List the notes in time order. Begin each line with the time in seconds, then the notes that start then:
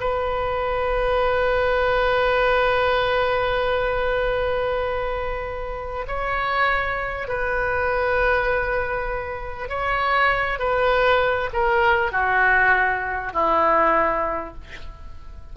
0.00 B4
6.07 C#5
7.28 B4
9.69 C#5
10.59 B4
11.53 A#4
12.12 F#4
13.33 E4